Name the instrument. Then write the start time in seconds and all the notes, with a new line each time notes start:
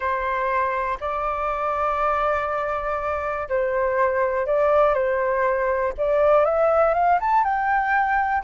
flute
0.00 C5
1.00 D5
3.48 C5
4.46 D5
4.93 C5
5.97 D5
6.45 E5
6.94 F5
7.20 A5
7.44 G5